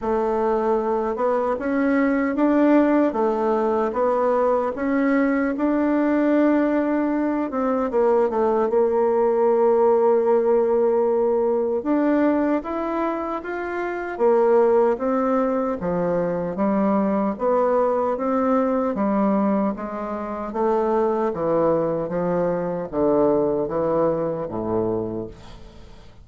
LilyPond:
\new Staff \with { instrumentName = "bassoon" } { \time 4/4 \tempo 4 = 76 a4. b8 cis'4 d'4 | a4 b4 cis'4 d'4~ | d'4. c'8 ais8 a8 ais4~ | ais2. d'4 |
e'4 f'4 ais4 c'4 | f4 g4 b4 c'4 | g4 gis4 a4 e4 | f4 d4 e4 a,4 | }